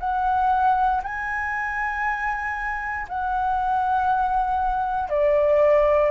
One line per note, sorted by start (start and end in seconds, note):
0.00 1.02 F#5
1.04 3.07 G#5
3.08 5.09 F#5
5.09 6.11 D5